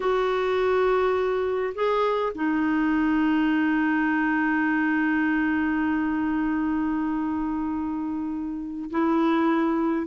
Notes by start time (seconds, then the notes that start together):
0.00 F#4
1.74 G#4
2.34 D#4
8.90 E4